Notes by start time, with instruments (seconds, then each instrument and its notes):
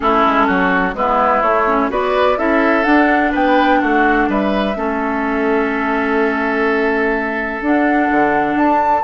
0.00 bassoon A3, clarinet C#4, oboe E4, flute A4
0.25 bassoon G#3
0.47 bassoon F#3, oboe F#4
0.94 bassoon G#3, clarinet B3, oboe E4, flute B4
1.42 bassoon A3, clarinet A3, flute C#5
1.67 clarinet C#4
1.90 bassoon B3, clarinet F#4, oboe B4, flute D5
2.36 bassoon C#4, clarinet E4, oboe A4, flute E5
2.83 clarinet D4, bassoon D4, flute F#5
3.31 bassoon B3, oboe B4, flute G5
3.81 bassoon A3, oboe F#4, flute F#5
4.28 bassoon G3, oboe B4, flute E5
4.75 bassoon A3, clarinet C#4, oboe A4
7.61 bassoon D4, clarinet D4, flute F#5
8.10 bassoon D3
8.55 bassoon D4, flute A5